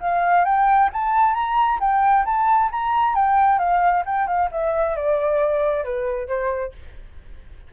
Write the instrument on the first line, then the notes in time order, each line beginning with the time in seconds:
flute
0.00 F5
0.45 G5
0.93 A5
1.34 A#5
1.80 G5
2.25 A5
2.71 A#5
3.15 G5
3.58 F5
4.05 G5
4.27 F5
4.51 E5
4.96 D5
5.84 B4
6.27 C5